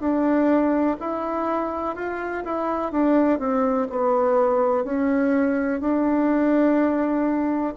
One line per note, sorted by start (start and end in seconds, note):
0.00 0.97 D4
1.00 1.95 E4
1.95 2.44 F4
2.44 2.92 E4
2.92 3.39 D4
3.39 3.87 C4
3.90 4.84 B3
4.84 5.81 C#4
5.81 7.74 D4